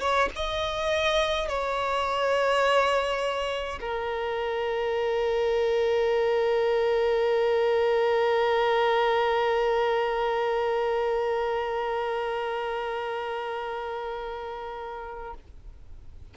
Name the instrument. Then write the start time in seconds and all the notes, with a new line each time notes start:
violin
0.00 C#5
0.36 D#5
1.48 C#5
3.80 A#4